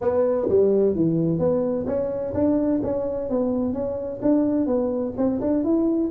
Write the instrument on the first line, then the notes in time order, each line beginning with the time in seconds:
tuba
0.01 B3
0.48 G3
0.95 E3
1.38 B3
1.86 C#4
2.34 D4
2.83 C#4
3.29 B3
3.73 C#4
4.22 D4
4.66 B3
5.17 C4
5.41 D4
5.64 E4